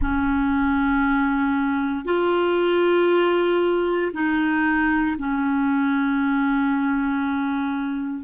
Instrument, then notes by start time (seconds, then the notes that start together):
clarinet
0.01 C#4
2.04 F4
4.13 D#4
5.18 C#4